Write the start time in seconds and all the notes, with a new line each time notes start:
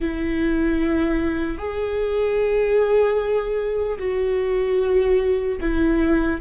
0.00 E4
1.57 G#4
3.98 F#4
5.60 E4